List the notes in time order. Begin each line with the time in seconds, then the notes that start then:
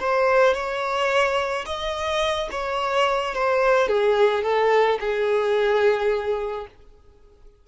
0.00 C5
0.54 C#5
1.66 D#5
2.51 C#5
3.34 C5
3.88 G#4
4.43 A4
5.00 G#4